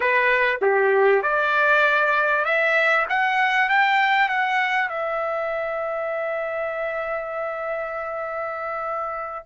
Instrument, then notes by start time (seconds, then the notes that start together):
trumpet
0.00 B4
0.61 G4
1.22 D5
2.44 E5
3.09 F#5
3.69 G5
4.29 F#5
4.88 E5